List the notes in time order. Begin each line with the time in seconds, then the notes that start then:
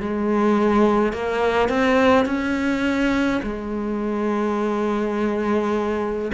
0.00 G#3
1.13 A#3
1.68 C4
2.25 C#4
3.42 G#3